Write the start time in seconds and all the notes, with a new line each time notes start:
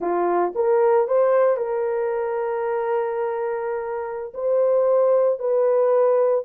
0.00 F4
0.55 A#4
1.07 C5
1.56 A#4
4.34 C5
5.39 B4